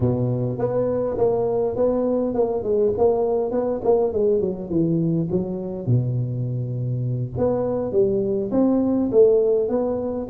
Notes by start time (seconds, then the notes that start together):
0.00 B2
0.58 B3
1.17 A#3
1.76 B3
2.34 A#3
2.63 G#3
2.97 A#3
3.51 B3
3.84 A#3
4.13 G#3
4.40 F#3
4.69 E3
5.31 F#3
5.86 B2
7.37 B3
7.91 G3
8.51 C4
9.11 A3
9.68 B3